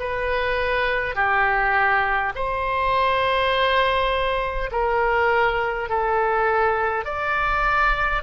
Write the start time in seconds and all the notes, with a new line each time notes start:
0.00 B4
1.16 G4
2.35 C5
4.72 A#4
5.89 A4
7.05 D5